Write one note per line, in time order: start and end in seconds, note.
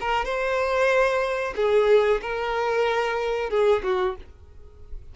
0.00 0.25 A#4
0.25 1.54 C5
1.56 2.21 G#4
2.21 3.50 A#4
3.50 3.82 G#4
3.83 4.15 F#4